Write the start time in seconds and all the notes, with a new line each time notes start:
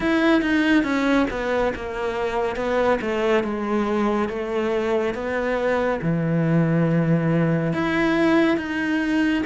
0.00 E4
0.41 D#4
0.83 C#4
1.30 B3
1.75 A#3
2.56 B3
3.01 A3
3.43 G#3
4.29 A3
5.14 B3
6.02 E3
7.73 E4
8.57 D#4